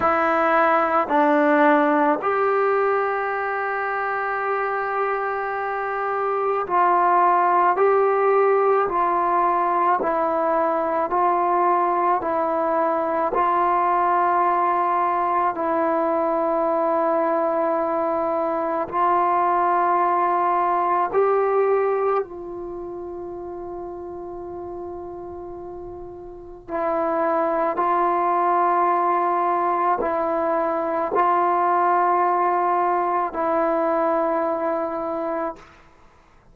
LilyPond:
\new Staff \with { instrumentName = "trombone" } { \time 4/4 \tempo 4 = 54 e'4 d'4 g'2~ | g'2 f'4 g'4 | f'4 e'4 f'4 e'4 | f'2 e'2~ |
e'4 f'2 g'4 | f'1 | e'4 f'2 e'4 | f'2 e'2 | }